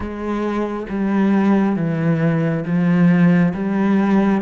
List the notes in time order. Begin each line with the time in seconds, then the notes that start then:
0.00 G#3
0.89 G3
1.76 E3
2.65 F3
3.54 G3